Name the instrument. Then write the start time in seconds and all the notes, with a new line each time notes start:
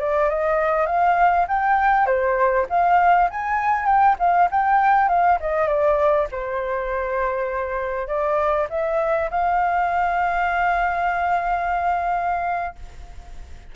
flute
0.00 D5
0.30 D#5
0.87 F5
1.48 G5
2.07 C5
2.70 F5
3.31 G#5
3.86 G5
4.19 F5
4.51 G5
5.09 F5
5.41 D#5
5.68 D5
6.32 C5
8.08 D5
8.70 E5
9.31 F5